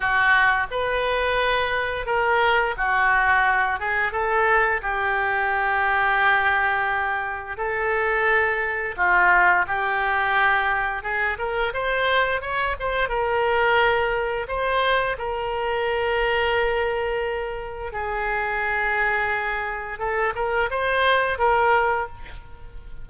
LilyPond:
\new Staff \with { instrumentName = "oboe" } { \time 4/4 \tempo 4 = 87 fis'4 b'2 ais'4 | fis'4. gis'8 a'4 g'4~ | g'2. a'4~ | a'4 f'4 g'2 |
gis'8 ais'8 c''4 cis''8 c''8 ais'4~ | ais'4 c''4 ais'2~ | ais'2 gis'2~ | gis'4 a'8 ais'8 c''4 ais'4 | }